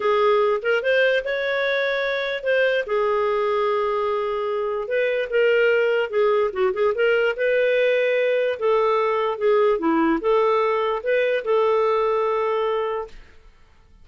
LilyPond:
\new Staff \with { instrumentName = "clarinet" } { \time 4/4 \tempo 4 = 147 gis'4. ais'8 c''4 cis''4~ | cis''2 c''4 gis'4~ | gis'1 | b'4 ais'2 gis'4 |
fis'8 gis'8 ais'4 b'2~ | b'4 a'2 gis'4 | e'4 a'2 b'4 | a'1 | }